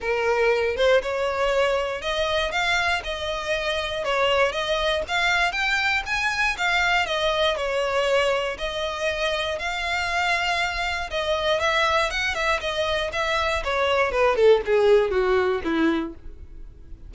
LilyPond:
\new Staff \with { instrumentName = "violin" } { \time 4/4 \tempo 4 = 119 ais'4. c''8 cis''2 | dis''4 f''4 dis''2 | cis''4 dis''4 f''4 g''4 | gis''4 f''4 dis''4 cis''4~ |
cis''4 dis''2 f''4~ | f''2 dis''4 e''4 | fis''8 e''8 dis''4 e''4 cis''4 | b'8 a'8 gis'4 fis'4 e'4 | }